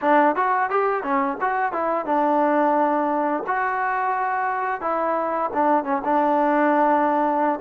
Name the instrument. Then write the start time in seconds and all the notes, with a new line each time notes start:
trombone
0.01 D4
0.35 F#4
0.70 G4
1.03 C#4
1.40 F#4
1.72 E4
2.05 D4
3.46 F#4
4.81 E4
5.53 D4
5.84 C#4
6.04 D4